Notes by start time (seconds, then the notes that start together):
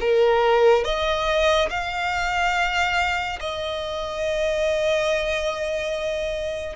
0.00 A#4
0.84 D#5
1.70 F5
3.40 D#5